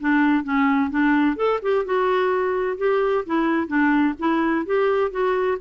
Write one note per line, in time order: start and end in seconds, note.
0.00 0.43 D4
0.43 0.90 C#4
0.90 1.36 D4
1.36 1.59 A4
1.62 1.85 G4
1.85 2.77 F#4
2.77 3.24 G4
3.25 3.67 E4
3.67 4.14 D4
4.19 4.65 E4
4.65 5.11 G4
5.11 5.58 F#4